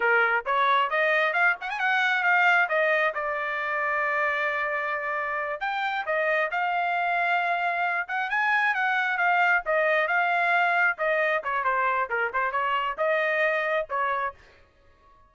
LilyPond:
\new Staff \with { instrumentName = "trumpet" } { \time 4/4 \tempo 4 = 134 ais'4 cis''4 dis''4 f''8 fis''16 gis''16 | fis''4 f''4 dis''4 d''4~ | d''1~ | d''8 g''4 dis''4 f''4.~ |
f''2 fis''8 gis''4 fis''8~ | fis''8 f''4 dis''4 f''4.~ | f''8 dis''4 cis''8 c''4 ais'8 c''8 | cis''4 dis''2 cis''4 | }